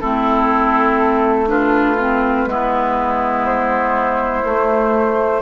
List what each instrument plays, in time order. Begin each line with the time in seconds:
0.00 bassoon A3, clarinet C4, oboe E4, flute A4
1.47 clarinet D4, oboe F4, flute B4
1.98 clarinet C4
2.46 bassoon G#3, clarinet B3, oboe E4
3.46 flute C5
4.44 bassoon A3, clarinet A3